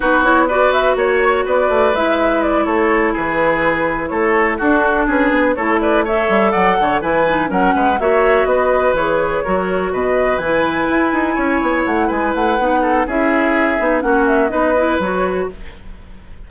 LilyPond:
<<
  \new Staff \with { instrumentName = "flute" } { \time 4/4 \tempo 4 = 124 b'8 cis''8 d''8 e''8 cis''4 d''4 | e''4 d''8 cis''4 b'4.~ | b'8 cis''4 a'4 b'4 cis''8 | d''8 e''4 fis''4 gis''4 fis''8~ |
fis''8 e''4 dis''4 cis''4.~ | cis''8 dis''4 gis''2~ gis''8~ | gis''8 fis''8 gis''8 fis''4. e''4~ | e''4 fis''8 e''8 dis''4 cis''4 | }
  \new Staff \with { instrumentName = "oboe" } { \time 4/4 fis'4 b'4 cis''4 b'4~ | b'4. a'4 gis'4.~ | gis'8 a'4 fis'4 gis'4 a'8 | b'8 cis''4 d''8 cis''8 b'4 ais'8 |
b'8 cis''4 b'2 ais'8~ | ais'8 b'2. cis''8~ | cis''4 b'4. a'8 gis'4~ | gis'4 fis'4 b'2 | }
  \new Staff \with { instrumentName = "clarinet" } { \time 4/4 dis'8 e'8 fis'2. | e'1~ | e'4. d'2 e'8~ | e'8 a'2 e'8 dis'8 cis'8~ |
cis'8 fis'2 gis'4 fis'8~ | fis'4. e'2~ e'8~ | e'2 dis'4 e'4~ | e'8 dis'8 cis'4 dis'8 e'8 fis'4 | }
  \new Staff \with { instrumentName = "bassoon" } { \time 4/4 b2 ais4 b8 a8 | gis4. a4 e4.~ | e8 a4 d'4 cis'8 b8 a8~ | a4 g8 fis8 d8 e4 fis8 |
gis8 ais4 b4 e4 fis8~ | fis8 b,4 e4 e'8 dis'8 cis'8 | b8 a8 gis8 a8 b4 cis'4~ | cis'8 b8 ais4 b4 fis4 | }
>>